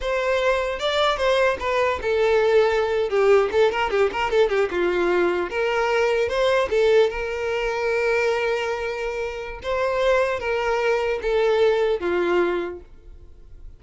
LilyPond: \new Staff \with { instrumentName = "violin" } { \time 4/4 \tempo 4 = 150 c''2 d''4 c''4 | b'4 a'2~ a'8. g'16~ | g'8. a'8 ais'8 g'8 ais'8 a'8 g'8 f'16~ | f'4.~ f'16 ais'2 c''16~ |
c''8. a'4 ais'2~ ais'16~ | ais'1 | c''2 ais'2 | a'2 f'2 | }